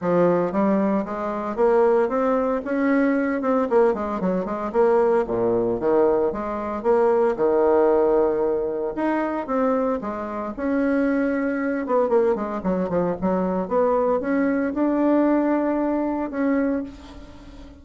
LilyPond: \new Staff \with { instrumentName = "bassoon" } { \time 4/4 \tempo 4 = 114 f4 g4 gis4 ais4 | c'4 cis'4. c'8 ais8 gis8 | fis8 gis8 ais4 ais,4 dis4 | gis4 ais4 dis2~ |
dis4 dis'4 c'4 gis4 | cis'2~ cis'8 b8 ais8 gis8 | fis8 f8 fis4 b4 cis'4 | d'2. cis'4 | }